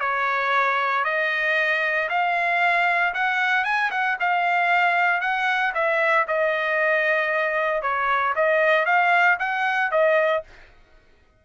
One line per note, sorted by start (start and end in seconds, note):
0.00 1.04 C#5
1.04 2.08 D#5
2.09 3.13 F5
3.14 3.64 F#5
3.64 3.90 G#5
3.91 4.17 F#5
4.20 5.21 F5
5.21 5.73 F#5
5.74 6.26 E5
6.27 7.82 D#5
7.82 8.34 C#5
8.35 8.86 D#5
8.86 9.38 F5
9.39 9.91 F#5
9.91 10.43 D#5